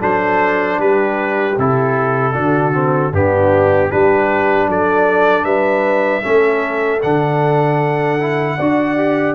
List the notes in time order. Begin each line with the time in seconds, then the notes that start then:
0.00 F#3 D4 A4 C5
0.79 G3 G4 B4
1.58 C3 E4 A4
2.33 D3 D4 F#4
2.74 C4
3.12 G2 B3 D4 G4
3.90 G3 D4 G4 B4
4.69 F#3 A4 D5
5.44 G3 B4 E5
6.22 A3 C#4 A4
7.03 D3 D4 F#5
8.20 E4
8.57 D4 F#4 D5
8.98 G4